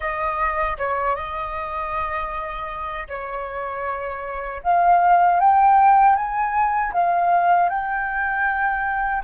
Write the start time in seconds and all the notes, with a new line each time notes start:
0.00 D#5
0.78 C#5
1.15 D#5
3.08 C#5
4.63 F5
5.40 G5
6.15 G#5
6.92 F5
7.69 G5